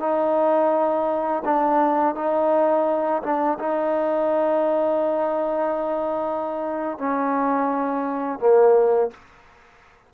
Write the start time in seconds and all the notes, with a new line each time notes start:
0.00 D#4
1.45 D4
2.15 D#4
3.22 D4
3.59 D#4
6.98 C#4
8.39 A#3